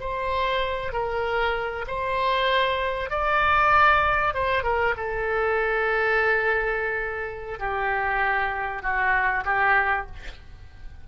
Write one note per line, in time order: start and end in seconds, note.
0.00 0.93 C5
0.93 1.85 A#4
1.87 3.10 C5
3.10 4.34 D5
4.34 4.63 C5
4.63 4.94 A#4
4.97 7.59 A4
7.59 8.82 G4
8.82 9.44 F#4
9.45 10.07 G4